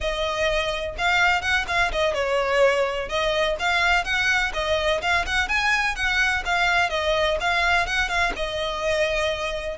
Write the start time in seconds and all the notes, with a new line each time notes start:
0.00 D#5
0.98 F5
1.41 F#5
1.67 F5
1.92 D#5
2.14 C#5
3.08 D#5
3.59 F5
4.04 F#5
4.53 D#5
5.01 F5
5.26 F#5
5.48 G#5
5.95 F#5
6.45 F5
6.89 D#5
7.40 F5
7.86 F#5
8.08 F5
8.35 D#5